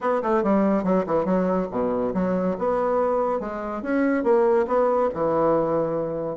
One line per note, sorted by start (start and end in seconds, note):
0.00 0.22 B3
0.22 0.43 A3
0.43 0.83 G3
0.83 1.04 F#3
1.06 1.25 E3
1.25 1.67 F#3
1.71 2.13 B2
2.14 2.56 F#3
2.58 3.40 B3
3.40 3.82 G#3
3.82 4.23 C#4
4.23 4.66 A#3
4.67 5.09 B3
5.14 6.36 E3